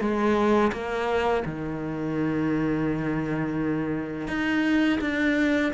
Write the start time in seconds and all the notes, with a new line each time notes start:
0.00 G#3
0.72 A#3
1.45 D#3
4.28 D#4
5.01 D4